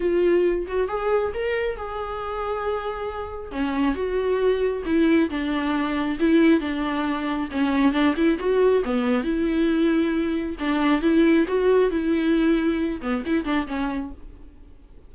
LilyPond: \new Staff \with { instrumentName = "viola" } { \time 4/4 \tempo 4 = 136 f'4. fis'8 gis'4 ais'4 | gis'1 | cis'4 fis'2 e'4 | d'2 e'4 d'4~ |
d'4 cis'4 d'8 e'8 fis'4 | b4 e'2. | d'4 e'4 fis'4 e'4~ | e'4. b8 e'8 d'8 cis'4 | }